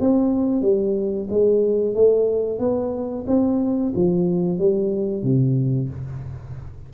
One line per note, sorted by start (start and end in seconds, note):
0.00 0.62 C4
0.62 1.28 G3
1.30 1.95 G#3
1.95 2.59 A3
2.59 3.25 B3
3.27 3.93 C4
3.95 4.59 F3
4.59 5.23 G3
5.23 5.89 C3